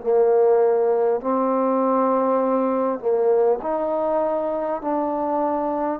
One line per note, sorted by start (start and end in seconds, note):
0.00 1.20 A#3
1.20 2.99 C4
2.99 3.59 A#3
3.62 4.81 D#4
4.81 6.00 D4